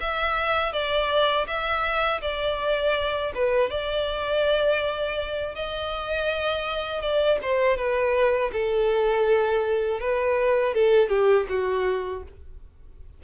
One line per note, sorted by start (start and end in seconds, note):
0.00 0.72 E5
0.72 1.46 D5
1.47 2.21 E5
2.21 3.32 D5
3.34 3.70 B4
3.70 5.55 D5
5.55 7.01 D#5
7.01 7.38 D5
7.42 7.77 C5
7.77 8.51 B4
8.52 10.00 A4
10.00 10.74 B4
10.74 11.09 A4
11.09 11.46 G4
11.49 12.23 F#4